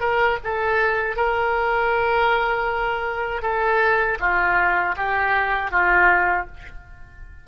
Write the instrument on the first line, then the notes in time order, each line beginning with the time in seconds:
oboe
0.00 A#4
0.43 A4
1.16 A#4
3.42 A4
4.19 F4
4.96 G4
5.71 F4